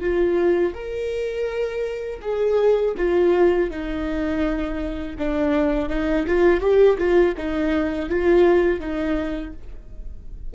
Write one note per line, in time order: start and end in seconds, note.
0.00 0.73 F4
0.74 2.20 A#4
2.21 2.94 G#4
2.97 3.70 F4
3.70 5.17 D#4
5.18 5.89 D4
5.89 6.26 D#4
6.26 6.60 F4
6.60 6.97 G4
6.98 7.34 F4
7.37 8.09 D#4
8.09 8.80 F4
8.80 9.53 D#4